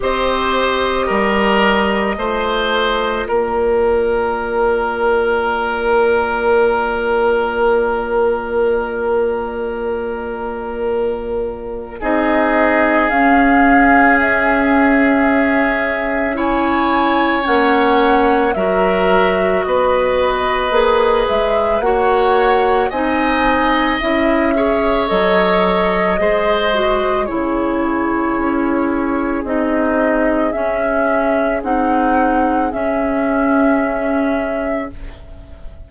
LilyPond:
<<
  \new Staff \with { instrumentName = "flute" } { \time 4/4 \tempo 4 = 55 dis''2. d''4~ | d''1~ | d''2. dis''4 | f''4 e''2 gis''4 |
fis''4 e''4 dis''4. e''8 | fis''4 gis''4 e''4 dis''4~ | dis''4 cis''2 dis''4 | e''4 fis''4 e''2 | }
  \new Staff \with { instrumentName = "oboe" } { \time 4/4 c''4 ais'4 c''4 ais'4~ | ais'1~ | ais'2. gis'4~ | gis'2. cis''4~ |
cis''4 ais'4 b'2 | cis''4 dis''4. cis''4. | c''4 gis'2.~ | gis'1 | }
  \new Staff \with { instrumentName = "clarinet" } { \time 4/4 g'2 f'2~ | f'1~ | f'2. dis'4 | cis'2. e'4 |
cis'4 fis'2 gis'4 | fis'4 dis'4 e'8 gis'8 a'4 | gis'8 fis'8 e'2 dis'4 | cis'4 dis'4 cis'2 | }
  \new Staff \with { instrumentName = "bassoon" } { \time 4/4 c'4 g4 a4 ais4~ | ais1~ | ais2. c'4 | cis'1 |
ais4 fis4 b4 ais8 gis8 | ais4 c'4 cis'4 fis4 | gis4 cis4 cis'4 c'4 | cis'4 c'4 cis'2 | }
>>